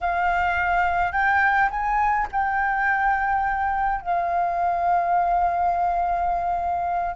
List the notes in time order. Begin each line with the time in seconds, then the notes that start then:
0.01 F5
1.12 G5
1.70 G#5
2.32 G5
4.01 F5